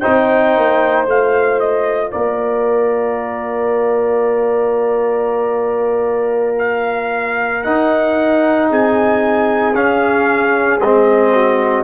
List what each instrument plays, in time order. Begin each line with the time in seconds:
0.00 tuba C4, trombone D#4, horn C5, trumpet G5
0.57 tuba A#3
1.06 tuba A3, trombone F4, trumpet F5
1.60 trumpet D#5
2.12 tuba A#3, horn A#4, trumpet D5
6.59 trumpet F5
7.63 trombone D#4, tuba D#4, trumpet F#5
8.70 tuba C4, horn G#4, trumpet G#5
9.74 trombone C#4, tuba C#4, trumpet F5
10.80 tuba G#3, trombone C4, trumpet D#5
11.34 horn F#4